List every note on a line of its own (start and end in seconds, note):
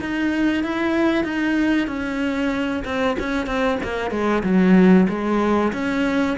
0.00 0.64 D#4
0.64 1.24 E4
1.24 1.87 D#4
1.87 2.83 C#4
2.85 3.17 C4
3.19 3.46 C#4
3.46 3.78 C4
3.83 4.11 A#3
4.11 4.43 G#3
4.43 5.07 F#3
5.09 5.72 G#3
5.73 6.37 C#4